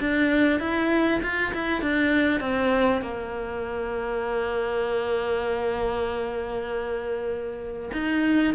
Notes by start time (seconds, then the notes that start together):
0.00 D4
0.60 E4
1.22 F4
1.54 E4
1.81 D4
2.40 C4
3.02 A#3
7.93 D#4